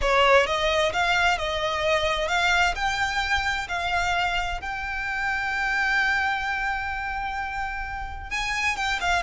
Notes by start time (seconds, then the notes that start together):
0.01 C#5
0.46 D#5
0.93 F5
1.37 D#5
2.28 F5
2.75 G5
3.68 F5
4.60 G5
8.30 G#5
8.76 G5
9.00 F5